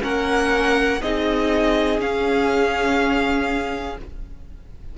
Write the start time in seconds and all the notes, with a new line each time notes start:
0.00 A#3 C#4 A#4 F#5
1.01 C4 D#4 G#4 D#5
1.99 C#4 F5